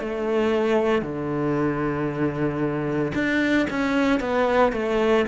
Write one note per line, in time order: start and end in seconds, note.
0.00 1.02 A3
1.02 3.13 D3
3.14 3.67 D4
3.70 4.20 C#4
4.20 4.73 B3
4.73 5.25 A3